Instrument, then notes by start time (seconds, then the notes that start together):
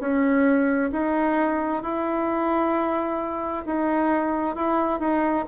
bassoon
0.00 C#4
0.92 D#4
1.83 E4
3.66 D#4
4.55 E4
5.00 D#4